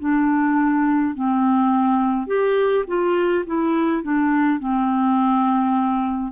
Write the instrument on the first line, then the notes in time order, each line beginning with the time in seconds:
clarinet
0.00 D4
1.15 C4
2.27 G4
2.87 F4
3.47 E4
4.03 D4
4.59 C4